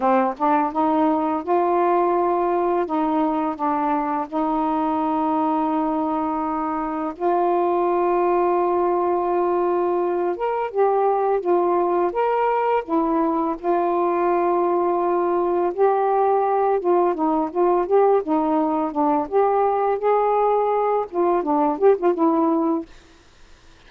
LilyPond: \new Staff \with { instrumentName = "saxophone" } { \time 4/4 \tempo 4 = 84 c'8 d'8 dis'4 f'2 | dis'4 d'4 dis'2~ | dis'2 f'2~ | f'2~ f'8 ais'8 g'4 |
f'4 ais'4 e'4 f'4~ | f'2 g'4. f'8 | dis'8 f'8 g'8 dis'4 d'8 g'4 | gis'4. f'8 d'8 g'16 f'16 e'4 | }